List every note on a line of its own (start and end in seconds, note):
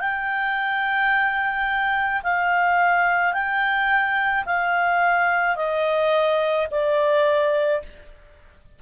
0.00 2.22 G5
2.23 3.33 F5
3.33 4.44 G5
4.45 5.56 F5
5.56 6.67 D#5
6.71 7.82 D5